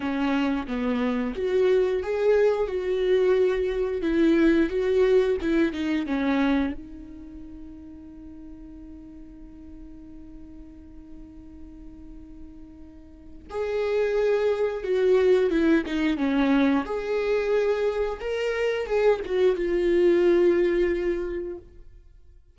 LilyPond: \new Staff \with { instrumentName = "viola" } { \time 4/4 \tempo 4 = 89 cis'4 b4 fis'4 gis'4 | fis'2 e'4 fis'4 | e'8 dis'8 cis'4 dis'2~ | dis'1~ |
dis'1 | gis'2 fis'4 e'8 dis'8 | cis'4 gis'2 ais'4 | gis'8 fis'8 f'2. | }